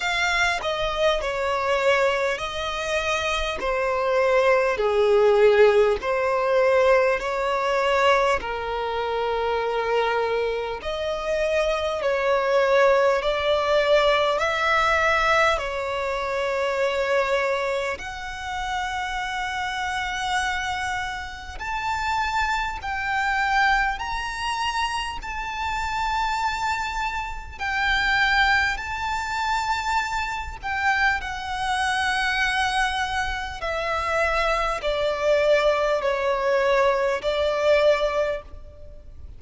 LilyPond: \new Staff \with { instrumentName = "violin" } { \time 4/4 \tempo 4 = 50 f''8 dis''8 cis''4 dis''4 c''4 | gis'4 c''4 cis''4 ais'4~ | ais'4 dis''4 cis''4 d''4 | e''4 cis''2 fis''4~ |
fis''2 a''4 g''4 | ais''4 a''2 g''4 | a''4. g''8 fis''2 | e''4 d''4 cis''4 d''4 | }